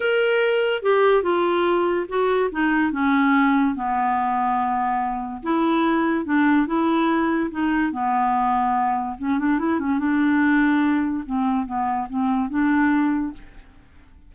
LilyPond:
\new Staff \with { instrumentName = "clarinet" } { \time 4/4 \tempo 4 = 144 ais'2 g'4 f'4~ | f'4 fis'4 dis'4 cis'4~ | cis'4 b2.~ | b4 e'2 d'4 |
e'2 dis'4 b4~ | b2 cis'8 d'8 e'8 cis'8 | d'2. c'4 | b4 c'4 d'2 | }